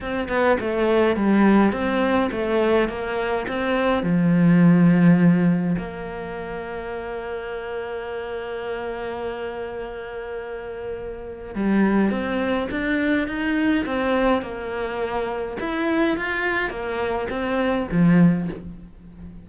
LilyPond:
\new Staff \with { instrumentName = "cello" } { \time 4/4 \tempo 4 = 104 c'8 b8 a4 g4 c'4 | a4 ais4 c'4 f4~ | f2 ais2~ | ais1~ |
ais1 | g4 c'4 d'4 dis'4 | c'4 ais2 e'4 | f'4 ais4 c'4 f4 | }